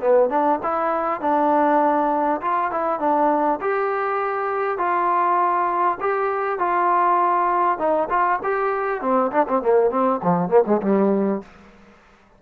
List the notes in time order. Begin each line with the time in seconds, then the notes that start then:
0.00 B3
0.29 D4
0.62 E4
1.21 D4
2.41 F4
2.71 E4
2.99 D4
3.61 G4
4.78 F4
6.00 G4
6.58 F4
7.78 D#4
8.09 F4
8.43 G4
9.01 C4
9.31 D4
9.48 C4
9.62 A#3
9.90 C4
10.22 F3
10.48 A#3
10.66 G#3
10.82 G3